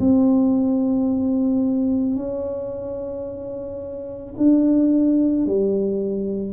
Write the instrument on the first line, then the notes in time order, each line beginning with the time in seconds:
tuba
0.00 C4
2.17 C#4
4.38 D4
5.46 G3